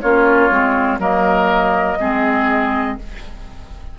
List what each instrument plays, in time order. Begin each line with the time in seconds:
0.00 bassoon A#3, clarinet C#4, oboe F4, flute C#5
0.49 bassoon G#3, clarinet C4
0.98 bassoon F#3, clarinet A#3, oboe A#4, flute D#5
1.99 bassoon G#3, clarinet C4, oboe G#4